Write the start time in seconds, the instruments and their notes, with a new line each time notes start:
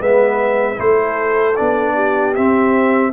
0.00 tuba G#3, trombone B3, horn B4, trumpet E5
0.76 tuba A3, trombone E4, horn A4, trumpet C5
1.56 tuba B3, trombone D4, trumpet D5
1.95 horn G4
2.35 trombone C4, tuba C4, trumpet E5